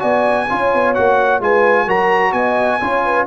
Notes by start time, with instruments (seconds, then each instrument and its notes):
0.00 tuba B3, trombone F#4, horn D5, trumpet G#5
0.50 tuba C#4, trombone F4, horn C#5
0.74 tuba B3
0.95 tuba A#3, trombone F#4, trumpet F#5
1.40 tuba G#3, trombone F4, horn B4, trumpet G#5
1.87 tuba F#3, trombone F#4, horn A#4, trumpet A#5
2.33 tuba B3, horn D#5, trumpet G#5
2.81 tuba C#4, trombone F4, horn C#5
3.05 horn B4